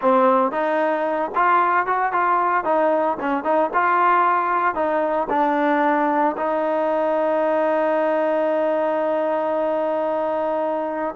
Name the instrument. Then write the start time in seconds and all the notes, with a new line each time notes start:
trombone
0.01 C4
0.51 D#4
1.35 F4
1.86 F#4
2.12 F4
2.64 D#4
3.20 C#4
3.43 D#4
3.73 F4
4.74 D#4
5.29 D4
6.37 D#4